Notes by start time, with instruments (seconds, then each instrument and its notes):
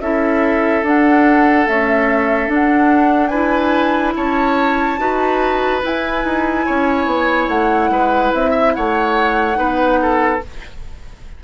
0.00 bassoon C#4, clarinet E4, oboe A4, flute E5
0.82 bassoon D4, clarinet D4, flute F#5
1.66 clarinet A3, bassoon C#4, flute E5
2.47 clarinet D4, bassoon D4, flute F#5
3.27 clarinet E4, oboe B4, flute G#5
4.16 bassoon C#4, oboe C#5, flute A5
4.98 bassoon D#4, clarinet F#4, oboe B4
5.82 clarinet E4, bassoon E4, flute G#5
6.23 bassoon D#4
6.65 bassoon C#4, oboe C#5
7.05 bassoon B3
7.47 bassoon A3, flute F#5
7.90 bassoon G#3, oboe B4
8.33 bassoon C4, flute E5
8.50 oboe E5
8.74 bassoon A3, oboe C#5, flute F#5
9.54 bassoon B3, clarinet D#4, oboe B4
10.01 oboe A4